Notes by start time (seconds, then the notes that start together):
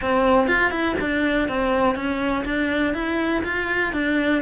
0.01 C4
0.47 F4
0.70 E4
1.00 D4
1.48 C4
1.95 C#4
2.45 D4
2.94 E4
3.44 F4
3.93 D4